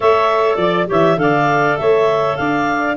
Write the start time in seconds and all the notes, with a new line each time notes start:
0.00 A3 A4 C#5 E5
0.55 F3 D5
0.87 E3 G4 C#5 E5
1.16 D3 A4 D5 F5
1.77 A3 C#5 E5
2.36 D4 D5 F5